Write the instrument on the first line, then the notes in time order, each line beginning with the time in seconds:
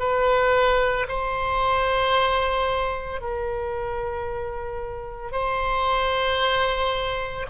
oboe
0.00 B4
1.09 C5
3.21 A#4
5.32 C5